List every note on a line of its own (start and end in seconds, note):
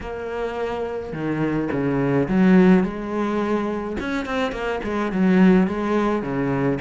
0.00 1.12 A#3
1.12 1.69 D#3
1.71 2.28 C#3
2.28 2.83 F#3
2.83 3.96 G#3
3.99 4.25 C#4
4.25 4.51 C4
4.51 4.80 A#3
4.83 5.11 G#3
5.12 5.67 F#3
5.67 6.22 G#3
6.22 6.78 C#3